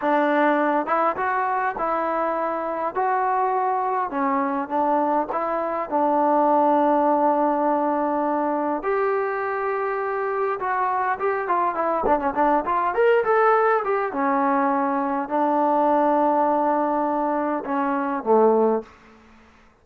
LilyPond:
\new Staff \with { instrumentName = "trombone" } { \time 4/4 \tempo 4 = 102 d'4. e'8 fis'4 e'4~ | e'4 fis'2 cis'4 | d'4 e'4 d'2~ | d'2. g'4~ |
g'2 fis'4 g'8 f'8 | e'8 d'16 cis'16 d'8 f'8 ais'8 a'4 g'8 | cis'2 d'2~ | d'2 cis'4 a4 | }